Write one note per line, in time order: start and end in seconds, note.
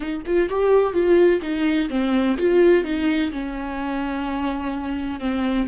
0.00 0.22 D#4
0.26 0.49 F4
0.49 0.93 G4
0.93 1.40 F4
1.42 1.89 D#4
1.89 2.37 C4
2.37 2.83 F4
2.83 3.31 D#4
3.31 5.19 C#4
5.19 5.67 C4